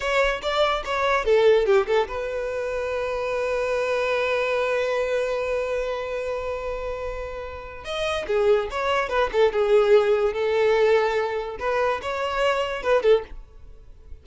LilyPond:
\new Staff \with { instrumentName = "violin" } { \time 4/4 \tempo 4 = 145 cis''4 d''4 cis''4 a'4 | g'8 a'8 b'2.~ | b'1~ | b'1~ |
b'2. dis''4 | gis'4 cis''4 b'8 a'8 gis'4~ | gis'4 a'2. | b'4 cis''2 b'8 a'8 | }